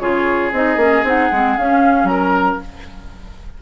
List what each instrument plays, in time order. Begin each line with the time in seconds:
0.00 bassoon C#3, clarinet F4, oboe G#4, flute C#5
0.53 bassoon C4, clarinet D#4, flute D#5
0.77 bassoon A#3, clarinet C#4
1.04 bassoon C4, clarinet D#4, flute F#5
1.32 bassoon G#3, clarinet C4
1.58 bassoon C#4, clarinet C#4, flute F5
2.04 bassoon F#3, flute A#5
2.11 oboe A#4